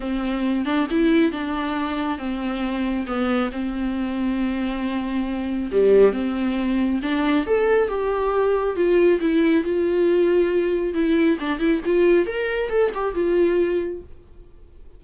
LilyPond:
\new Staff \with { instrumentName = "viola" } { \time 4/4 \tempo 4 = 137 c'4. d'8 e'4 d'4~ | d'4 c'2 b4 | c'1~ | c'4 g4 c'2 |
d'4 a'4 g'2 | f'4 e'4 f'2~ | f'4 e'4 d'8 e'8 f'4 | ais'4 a'8 g'8 f'2 | }